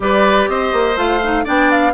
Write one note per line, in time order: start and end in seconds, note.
0.00 0.47 G3
0.00 0.95 G4
0.00 0.50 B4
0.00 0.48 D5
0.48 0.72 C4
0.48 1.44 C5
0.48 0.97 D#5
0.72 0.96 A#3
0.96 1.44 A3
0.96 1.20 F4
0.96 1.45 F5
1.23 1.45 D#4
1.44 1.94 B3
1.44 1.93 D4
1.44 1.93 D5
1.44 1.71 G5
1.71 1.94 F5